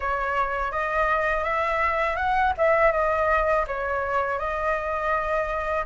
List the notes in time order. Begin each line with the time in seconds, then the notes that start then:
0.00 C#5
0.71 D#5
1.44 E5
2.16 F#5
2.57 E5
2.92 D#5
3.67 C#5
4.39 D#5